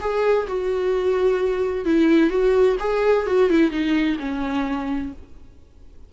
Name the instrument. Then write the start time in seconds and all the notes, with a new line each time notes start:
viola
0.00 G#4
0.47 F#4
1.85 E4
2.30 F#4
2.79 G#4
3.26 F#4
3.49 E4
3.70 D#4
4.19 C#4